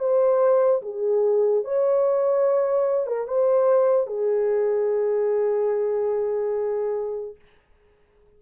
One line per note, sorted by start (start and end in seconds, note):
0.00 0.82 C5
0.83 1.65 G#4
1.65 3.07 C#5
3.07 3.28 A#4
3.28 4.07 C5
4.07 7.36 G#4